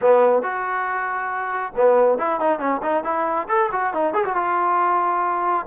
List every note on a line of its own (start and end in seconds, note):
0.01 0.42 B3
0.42 1.73 F#4
1.76 2.18 B3
2.18 2.39 E4
2.39 2.59 D#4
2.59 2.81 C#4
2.82 3.04 D#4
3.04 3.47 E4
3.48 3.70 A4
3.72 3.93 F#4
3.93 4.13 D#4
4.13 4.24 G#4
4.24 4.35 F#4
4.35 5.65 F4